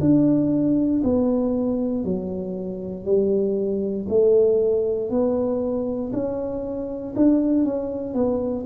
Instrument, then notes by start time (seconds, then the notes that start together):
tuba
0.00 D4
1.03 B3
2.04 F#3
3.04 G3
4.08 A3
5.10 B3
6.12 C#4
7.16 D4
7.64 C#4
8.14 B3